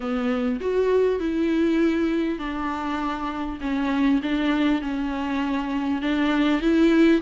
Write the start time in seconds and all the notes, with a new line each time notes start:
0.00 B3
0.60 F#4
1.19 E4
2.38 D4
3.60 C#4
4.22 D4
4.81 C#4
6.01 D4
6.61 E4